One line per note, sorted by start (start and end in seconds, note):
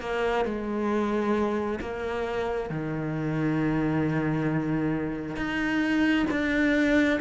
0.00 0.45 A#3
0.45 1.79 G#3
1.80 2.69 A#3
2.69 5.36 D#3
5.36 6.25 D#4
6.30 7.20 D4